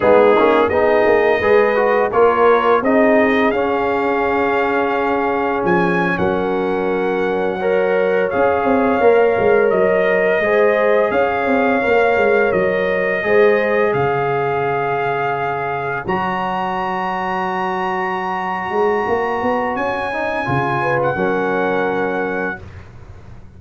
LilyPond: <<
  \new Staff \with { instrumentName = "trumpet" } { \time 4/4 \tempo 4 = 85 gis'4 dis''2 cis''4 | dis''4 f''2. | gis''8. fis''2. f''16~ | f''4.~ f''16 dis''2 f''16~ |
f''4.~ f''16 dis''2 f''16~ | f''2~ f''8. ais''4~ ais''16~ | ais''1 | gis''4.~ gis''16 fis''2~ fis''16 | }
  \new Staff \with { instrumentName = "horn" } { \time 4/4 dis'4 gis'4 b'4 ais'4 | gis'1~ | gis'8. ais'2 cis''4~ cis''16~ | cis''2~ cis''8. c''4 cis''16~ |
cis''2~ cis''8. c''4 cis''16~ | cis''1~ | cis''1~ | cis''4. b'8 ais'2 | }
  \new Staff \with { instrumentName = "trombone" } { \time 4/4 b8 cis'8 dis'4 gis'8 fis'8 f'4 | dis'4 cis'2.~ | cis'2~ cis'8. ais'4 gis'16~ | gis'8. ais'2 gis'4~ gis'16~ |
gis'8. ais'2 gis'4~ gis'16~ | gis'2~ gis'8. fis'4~ fis'16~ | fis'1~ | fis'8 dis'8 f'4 cis'2 | }
  \new Staff \with { instrumentName = "tuba" } { \time 4/4 gis8 ais8 b8 ais8 gis4 ais4 | c'4 cis'2. | f8. fis2. cis'16~ | cis'16 c'8 ais8 gis8 fis4 gis4 cis'16~ |
cis'16 c'8 ais8 gis8 fis4 gis4 cis16~ | cis2~ cis8. fis4~ fis16~ | fis2~ fis8 gis8 ais8 b8 | cis'4 cis4 fis2 | }
>>